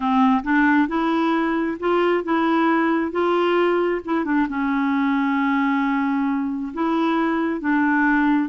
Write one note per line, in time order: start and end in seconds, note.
0.00 0.42 C4
0.43 0.88 D4
0.88 1.77 E4
1.79 2.24 F4
2.24 3.11 E4
3.11 4.01 F4
4.04 4.25 E4
4.25 4.47 D4
4.49 6.72 C#4
6.73 7.60 E4
7.60 8.49 D4